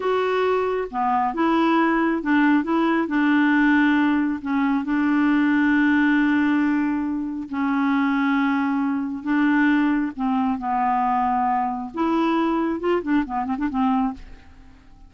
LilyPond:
\new Staff \with { instrumentName = "clarinet" } { \time 4/4 \tempo 4 = 136 fis'2 b4 e'4~ | e'4 d'4 e'4 d'4~ | d'2 cis'4 d'4~ | d'1~ |
d'4 cis'2.~ | cis'4 d'2 c'4 | b2. e'4~ | e'4 f'8 d'8 b8 c'16 d'16 c'4 | }